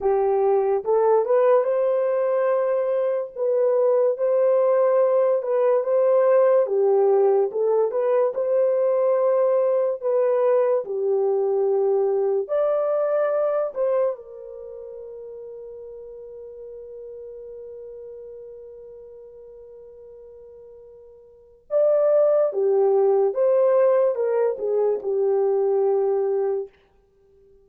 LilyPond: \new Staff \with { instrumentName = "horn" } { \time 4/4 \tempo 4 = 72 g'4 a'8 b'8 c''2 | b'4 c''4. b'8 c''4 | g'4 a'8 b'8 c''2 | b'4 g'2 d''4~ |
d''8 c''8 ais'2.~ | ais'1~ | ais'2 d''4 g'4 | c''4 ais'8 gis'8 g'2 | }